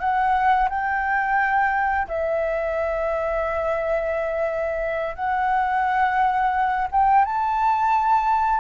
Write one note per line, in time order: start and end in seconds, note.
0.00 0.69 F#5
0.70 2.08 G5
2.08 5.16 E5
5.16 6.88 F#5
6.92 7.25 G5
7.25 8.61 A5